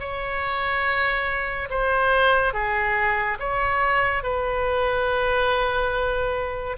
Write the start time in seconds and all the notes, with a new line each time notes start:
0.00 C#5
1.70 C5
2.54 G#4
3.40 C#5
4.23 B4